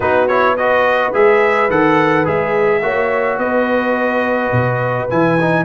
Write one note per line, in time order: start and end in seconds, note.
0.00 1.12 B3
0.00 0.29 D#4
0.00 0.56 F#4
0.00 0.27 B4
0.27 0.58 E4
0.27 0.55 C#5
0.56 1.13 F#4
0.56 2.83 B4
0.56 1.13 D#5
1.13 1.69 G#3
1.13 1.70 G#4
1.13 1.70 E5
1.69 2.26 D#3
1.69 2.24 A4
1.69 2.27 F#5
2.24 2.82 G#3
2.24 2.80 G#4
2.24 3.38 E5
2.82 3.38 A#3
2.82 5.09 F#4
2.82 3.40 C#5
3.38 4.51 B3
3.38 5.65 B4
3.38 5.08 D#5
4.52 5.08 B2
5.09 5.65 E3
5.09 5.38 E4
5.09 5.65 G#5
5.40 5.65 D#4